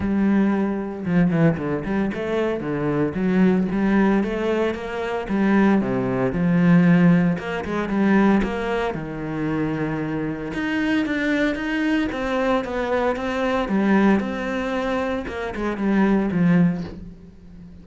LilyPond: \new Staff \with { instrumentName = "cello" } { \time 4/4 \tempo 4 = 114 g2 f8 e8 d8 g8 | a4 d4 fis4 g4 | a4 ais4 g4 c4 | f2 ais8 gis8 g4 |
ais4 dis2. | dis'4 d'4 dis'4 c'4 | b4 c'4 g4 c'4~ | c'4 ais8 gis8 g4 f4 | }